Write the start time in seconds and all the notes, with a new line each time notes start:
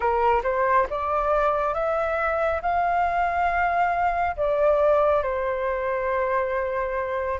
0.00 A#4
0.43 C5
0.89 D5
1.74 E5
2.62 F5
4.36 D5
5.22 C5